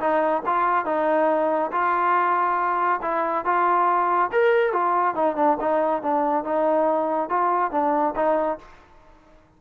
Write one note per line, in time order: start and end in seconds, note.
0.00 0.43 D#4
0.46 0.86 F4
0.86 1.71 D#4
1.72 3.01 F4
3.02 3.45 E4
3.45 4.31 F4
4.32 4.73 A#4
4.73 5.15 F4
5.15 5.36 D#4
5.36 5.58 D4
5.60 6.03 D#4
6.03 6.45 D4
6.45 7.30 D#4
7.30 7.72 F4
7.72 8.15 D4
8.16 8.59 D#4